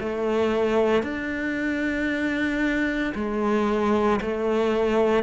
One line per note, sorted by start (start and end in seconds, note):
0.00 1.03 A3
1.03 3.14 D4
3.15 4.21 G#3
4.22 5.23 A3